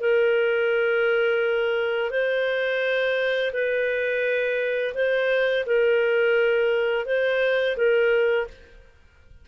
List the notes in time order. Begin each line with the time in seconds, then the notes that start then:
0.00 A#4
2.10 C5
3.53 B4
4.94 C5
5.66 A#4
7.06 C5
7.76 A#4